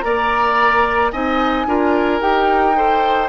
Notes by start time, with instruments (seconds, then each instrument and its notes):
0.00 bassoon A#3, clarinet A#4, oboe D5, flute A#5
1.12 bassoon C4, clarinet D#4, oboe D#5, flute G#5
1.66 bassoon D4, clarinet F4, oboe A#4
2.20 bassoon D#4, clarinet G4, flute G5
2.75 clarinet A4, oboe C5